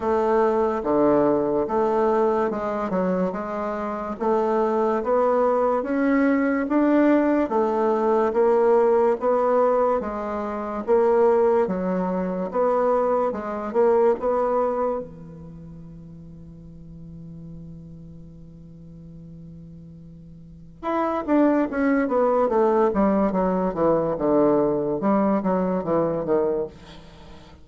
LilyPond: \new Staff \with { instrumentName = "bassoon" } { \time 4/4 \tempo 4 = 72 a4 d4 a4 gis8 fis8 | gis4 a4 b4 cis'4 | d'4 a4 ais4 b4 | gis4 ais4 fis4 b4 |
gis8 ais8 b4 e2~ | e1~ | e4 e'8 d'8 cis'8 b8 a8 g8 | fis8 e8 d4 g8 fis8 e8 dis8 | }